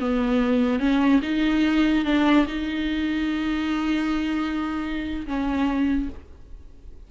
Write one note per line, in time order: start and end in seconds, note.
0.00 0.80 B3
0.80 1.21 C#4
1.23 2.05 D#4
2.05 2.47 D4
2.47 5.27 D#4
5.27 6.10 C#4